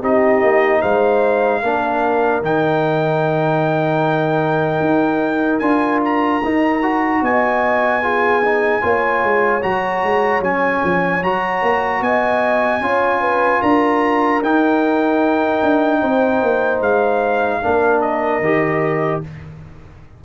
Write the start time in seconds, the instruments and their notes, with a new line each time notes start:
0.00 tuba C4, trombone D#4, horn G4, trumpet D#5
0.42 tuba A#3
0.80 tuba G#3, horn C5, trumpet F5
1.61 tuba A#3, trombone D4, horn A#4
2.41 tuba D#3, trombone D#4, trumpet G5
4.79 tuba D#4
5.59 tuba D4, trombone F4, trumpet G#5
6.04 trumpet A#5
6.44 tuba D#4, trombone D#4
6.82 trombone F#4
7.21 tuba B3, horn D#5, trumpet G#5
8.02 trombone F4, horn G#4
8.45 trombone D#4
8.81 tuba A#3, trombone F4, horn C#5
9.23 tuba G#3
9.62 tuba F#3, trombone F#4, trumpet A#5
10.02 tuba G#3
10.40 tuba F#3, trombone C#4, trumpet G#5
10.84 tuba F3
11.22 tuba F#3, trombone F#4, trumpet A#5
11.62 tuba A#3
12.00 tuba B3, horn D#5, trumpet G#5
12.81 tuba C#4, trombone F4, horn C#5
13.20 horn B4
13.60 tuba D4, horn A#4, trumpet A#5
14.41 tuba D#4, trombone D#4, trumpet G5
15.62 tuba D4
16.00 tuba C4, horn C5
16.41 tuba A#3
16.80 tuba G#3, trumpet F5
17.62 tuba A#3, trombone D4, horn A#4
18.01 trumpet D#5
18.40 tuba D#3, trombone G4